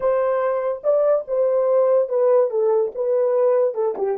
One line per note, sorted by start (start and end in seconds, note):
0.00 0.82 C5
0.83 1.25 D5
1.27 2.09 C5
2.09 2.50 B4
2.50 2.91 A4
2.94 3.74 B4
3.74 3.95 A4
3.97 4.17 G4